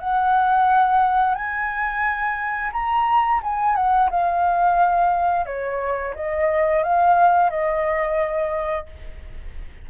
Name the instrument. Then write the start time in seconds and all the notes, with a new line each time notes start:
flute
0.00 F#5
1.35 G#5
2.73 A#5
3.43 G#5
3.76 F#5
4.11 F5
5.46 C#5
6.15 D#5
6.84 F5
7.51 D#5